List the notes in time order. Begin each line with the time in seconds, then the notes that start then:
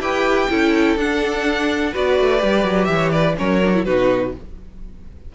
0.00 E4 G4 B4 G5
0.49 C#4 E4 A4
0.96 D4 F#5
1.92 B3 F#4 B4 D5
2.20 A3
2.38 G3 G4
2.64 F#3
2.85 E3 E5
2.93 C#5
3.12 B4 D5
3.37 F#3 C#4 A#4 C#5
3.64 D4
3.74 E4
3.85 B2 D#4 F#4 B4